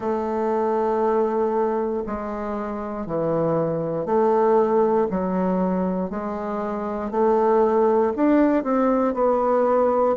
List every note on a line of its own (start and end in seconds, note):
0.00 2.03 A3
2.06 3.06 G#3
3.06 4.05 E3
4.05 5.07 A3
5.10 6.10 F#3
6.10 7.10 G#3
7.10 8.12 A3
8.15 8.63 D4
8.63 9.14 C4
9.14 10.16 B3